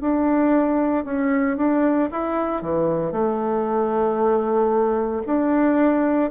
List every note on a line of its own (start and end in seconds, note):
0.00 1.04 D4
1.04 1.56 C#4
1.56 2.09 D4
2.11 2.61 E4
2.61 3.11 E3
3.11 5.22 A3
5.26 6.30 D4